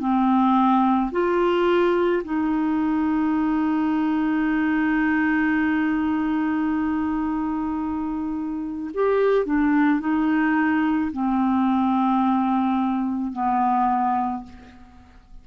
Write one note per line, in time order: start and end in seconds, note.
0.00 1.11 C4
1.12 2.23 F4
2.25 8.91 D#4
8.94 9.46 G4
9.46 10.01 D4
10.01 11.12 D#4
11.13 13.33 C4
13.33 14.44 B3